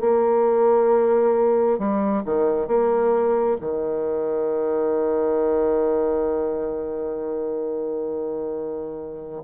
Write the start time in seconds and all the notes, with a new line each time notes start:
0.00 A#3
1.78 G3
2.25 D#3
2.67 A#3
3.60 D#3